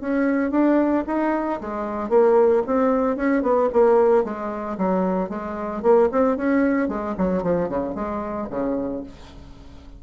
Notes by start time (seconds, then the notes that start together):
0.00 C#4
0.51 D4
1.06 D#4
1.60 G#3
2.09 A#3
2.66 C4
3.16 C#4
3.42 B3
3.72 A#3
4.24 G#3
4.77 F#3
5.29 G#3
5.82 A#3
6.11 C4
6.37 C#4
6.88 G#3
7.18 F#3
7.42 F3
7.69 C#3
7.94 G#3
8.50 C#3